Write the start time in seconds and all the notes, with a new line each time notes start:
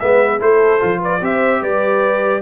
0.00 G#3 B3 B4 E5
0.39 A3 E4 A4 C5
0.80 F3 F4
0.99 B4 D5
1.21 C4 G4 C5 E5
1.61 G3 B4 D5